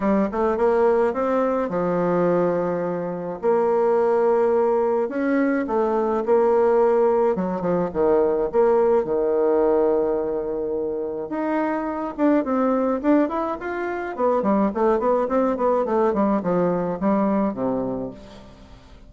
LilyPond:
\new Staff \with { instrumentName = "bassoon" } { \time 4/4 \tempo 4 = 106 g8 a8 ais4 c'4 f4~ | f2 ais2~ | ais4 cis'4 a4 ais4~ | ais4 fis8 f8 dis4 ais4 |
dis1 | dis'4. d'8 c'4 d'8 e'8 | f'4 b8 g8 a8 b8 c'8 b8 | a8 g8 f4 g4 c4 | }